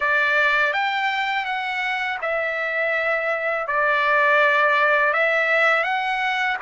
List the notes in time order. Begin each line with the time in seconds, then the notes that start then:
0.00 D5
0.73 G5
1.45 F#5
2.21 E5
3.67 D5
5.13 E5
5.83 F#5